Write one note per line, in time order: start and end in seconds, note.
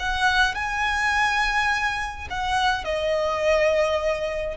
0.00 0.55 F#5
0.55 2.28 G#5
2.31 2.85 F#5
2.85 4.58 D#5